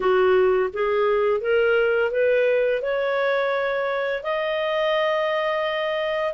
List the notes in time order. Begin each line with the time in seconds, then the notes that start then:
0.00 F#4
0.73 G#4
1.41 A#4
2.11 B4
2.82 C#5
4.23 D#5